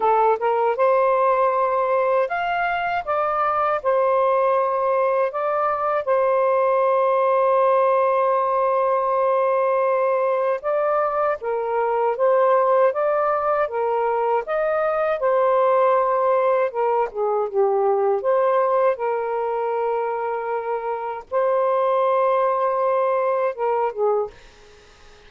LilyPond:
\new Staff \with { instrumentName = "saxophone" } { \time 4/4 \tempo 4 = 79 a'8 ais'8 c''2 f''4 | d''4 c''2 d''4 | c''1~ | c''2 d''4 ais'4 |
c''4 d''4 ais'4 dis''4 | c''2 ais'8 gis'8 g'4 | c''4 ais'2. | c''2. ais'8 gis'8 | }